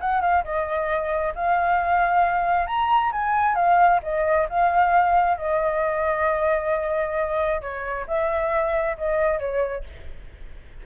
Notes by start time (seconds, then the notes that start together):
0.00 F#5
0.21 F5
0.44 D#5
1.35 F5
2.67 A#5
3.12 G#5
3.55 F5
4.03 D#5
4.49 F5
5.38 D#5
7.61 C#5
8.07 E5
8.98 D#5
9.39 C#5